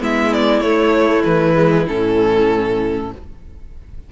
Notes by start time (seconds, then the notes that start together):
0.00 G#3 B3 E4 E5
0.33 D5
0.60 A3 C#5
1.23 E3 B4
1.54 G#3
1.87 A2 C#4 A4